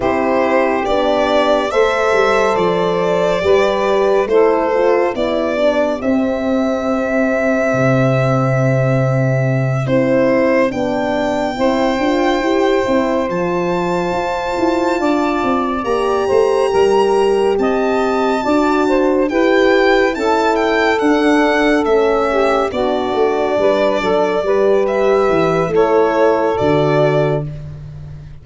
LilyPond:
<<
  \new Staff \with { instrumentName = "violin" } { \time 4/4 \tempo 4 = 70 c''4 d''4 e''4 d''4~ | d''4 c''4 d''4 e''4~ | e''2.~ e''8 c''8~ | c''8 g''2. a''8~ |
a''2~ a''8 ais''4.~ | ais''8 a''2 g''4 a''8 | g''8 fis''4 e''4 d''4.~ | d''4 e''4 cis''4 d''4 | }
  \new Staff \with { instrumentName = "saxophone" } { \time 4/4 g'2 c''2 | b'4 a'4 g'2~ | g'1~ | g'4. c''2~ c''8~ |
c''4. d''4. c''8 ais'8~ | ais'8 dis''4 d''8 c''8 b'4 a'8~ | a'2 g'8 fis'4 b'8 | a'8 b'4. a'2 | }
  \new Staff \with { instrumentName = "horn" } { \time 4/4 e'4 d'4 a'2 | g'4 e'8 f'8 e'8 d'8 c'4~ | c'2.~ c'8 e'8~ | e'8 d'4 e'8 f'8 g'8 e'8 f'8~ |
f'2~ f'8 g'4.~ | g'4. fis'4 g'4 e'8~ | e'8 d'4 cis'4 d'4.~ | d'8 g'4. e'4 fis'4 | }
  \new Staff \with { instrumentName = "tuba" } { \time 4/4 c'4 b4 a8 g8 f4 | g4 a4 b4 c'4~ | c'4 c2~ c8 c'8~ | c'8 b4 c'8 d'8 e'8 c'8 f8~ |
f8 f'8 e'8 d'8 c'8 ais8 a8 g8~ | g8 c'4 d'4 e'4 cis'8~ | cis'8 d'4 a4 b8 a8 g8 | fis8 g4 e8 a4 d4 | }
>>